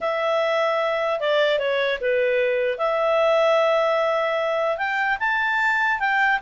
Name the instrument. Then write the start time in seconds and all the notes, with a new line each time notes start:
clarinet
0.00 E5
1.20 D5
1.59 C#5
2.00 B4
2.77 E5
4.77 G5
5.19 A5
5.99 G5